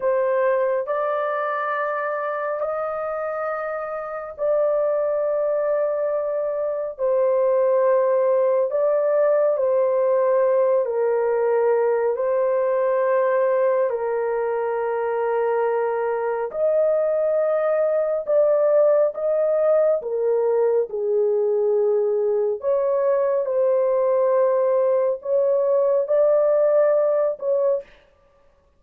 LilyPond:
\new Staff \with { instrumentName = "horn" } { \time 4/4 \tempo 4 = 69 c''4 d''2 dis''4~ | dis''4 d''2. | c''2 d''4 c''4~ | c''8 ais'4. c''2 |
ais'2. dis''4~ | dis''4 d''4 dis''4 ais'4 | gis'2 cis''4 c''4~ | c''4 cis''4 d''4. cis''8 | }